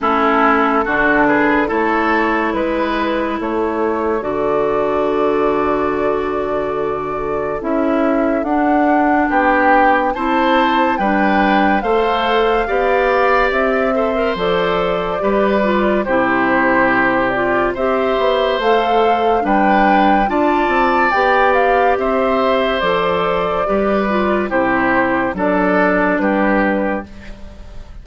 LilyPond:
<<
  \new Staff \with { instrumentName = "flute" } { \time 4/4 \tempo 4 = 71 a'4. b'8 cis''4 b'4 | cis''4 d''2.~ | d''4 e''4 fis''4 g''4 | a''4 g''4 f''2 |
e''4 d''2 c''4~ | c''8 d''8 e''4 f''4 g''4 | a''4 g''8 f''8 e''4 d''4~ | d''4 c''4 d''4 b'4 | }
  \new Staff \with { instrumentName = "oboe" } { \time 4/4 e'4 fis'8 gis'8 a'4 b'4 | a'1~ | a'2. g'4 | c''4 b'4 c''4 d''4~ |
d''8 c''4. b'4 g'4~ | g'4 c''2 b'4 | d''2 c''2 | b'4 g'4 a'4 g'4 | }
  \new Staff \with { instrumentName = "clarinet" } { \time 4/4 cis'4 d'4 e'2~ | e'4 fis'2.~ | fis'4 e'4 d'2 | e'4 d'4 a'4 g'4~ |
g'8 a'16 ais'16 a'4 g'8 f'8 e'4~ | e'8 f'8 g'4 a'4 d'4 | f'4 g'2 a'4 | g'8 f'8 e'4 d'2 | }
  \new Staff \with { instrumentName = "bassoon" } { \time 4/4 a4 d4 a4 gis4 | a4 d2.~ | d4 cis'4 d'4 b4 | c'4 g4 a4 b4 |
c'4 f4 g4 c4~ | c4 c'8 b8 a4 g4 | d'8 c'8 b4 c'4 f4 | g4 c4 fis4 g4 | }
>>